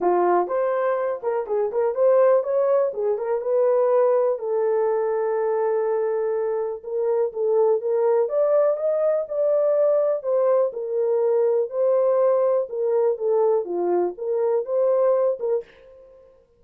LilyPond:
\new Staff \with { instrumentName = "horn" } { \time 4/4 \tempo 4 = 123 f'4 c''4. ais'8 gis'8 ais'8 | c''4 cis''4 gis'8 ais'8 b'4~ | b'4 a'2.~ | a'2 ais'4 a'4 |
ais'4 d''4 dis''4 d''4~ | d''4 c''4 ais'2 | c''2 ais'4 a'4 | f'4 ais'4 c''4. ais'8 | }